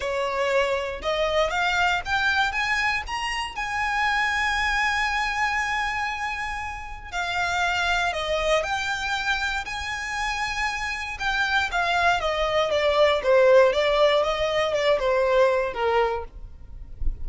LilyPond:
\new Staff \with { instrumentName = "violin" } { \time 4/4 \tempo 4 = 118 cis''2 dis''4 f''4 | g''4 gis''4 ais''4 gis''4~ | gis''1~ | gis''2 f''2 |
dis''4 g''2 gis''4~ | gis''2 g''4 f''4 | dis''4 d''4 c''4 d''4 | dis''4 d''8 c''4. ais'4 | }